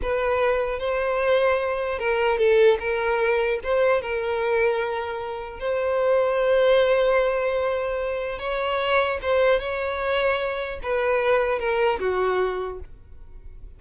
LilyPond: \new Staff \with { instrumentName = "violin" } { \time 4/4 \tempo 4 = 150 b'2 c''2~ | c''4 ais'4 a'4 ais'4~ | ais'4 c''4 ais'2~ | ais'2 c''2~ |
c''1~ | c''4 cis''2 c''4 | cis''2. b'4~ | b'4 ais'4 fis'2 | }